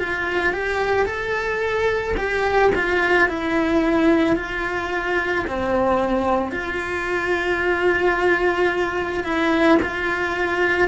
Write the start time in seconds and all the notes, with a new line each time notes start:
0.00 F4
0.54 G4
1.06 A4
2.18 G4
2.76 F4
3.29 E4
4.37 F4
5.47 C4
6.52 F4
9.24 E4
9.83 F4